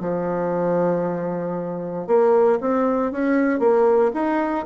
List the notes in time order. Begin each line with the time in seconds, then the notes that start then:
0.00 F3
2.07 A#3
2.60 C4
3.11 C#4
3.59 A#3
4.13 D#4